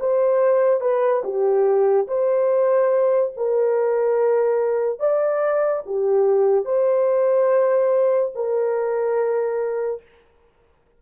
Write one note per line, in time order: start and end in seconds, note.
0.00 0.81 C5
0.81 1.22 B4
1.24 2.07 G4
2.08 3.33 C5
3.37 4.99 A#4
4.99 5.83 D5
5.86 6.65 G4
6.65 8.32 C5
8.35 10.02 A#4